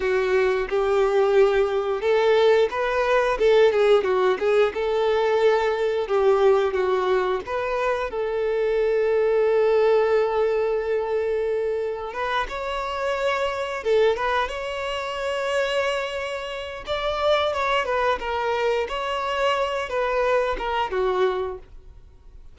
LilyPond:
\new Staff \with { instrumentName = "violin" } { \time 4/4 \tempo 4 = 89 fis'4 g'2 a'4 | b'4 a'8 gis'8 fis'8 gis'8 a'4~ | a'4 g'4 fis'4 b'4 | a'1~ |
a'2 b'8 cis''4.~ | cis''8 a'8 b'8 cis''2~ cis''8~ | cis''4 d''4 cis''8 b'8 ais'4 | cis''4. b'4 ais'8 fis'4 | }